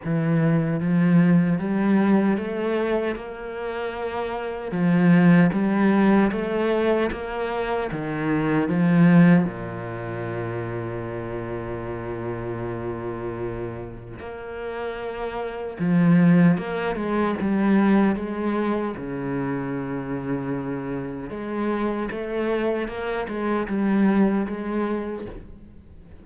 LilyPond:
\new Staff \with { instrumentName = "cello" } { \time 4/4 \tempo 4 = 76 e4 f4 g4 a4 | ais2 f4 g4 | a4 ais4 dis4 f4 | ais,1~ |
ais,2 ais2 | f4 ais8 gis8 g4 gis4 | cis2. gis4 | a4 ais8 gis8 g4 gis4 | }